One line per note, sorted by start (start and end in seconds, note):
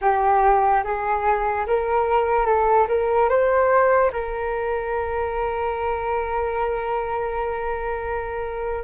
0.01 0.83 G4
0.84 1.66 G#4
1.66 2.45 A#4
2.45 2.87 A4
2.88 3.29 A#4
3.29 4.11 C5
4.12 8.84 A#4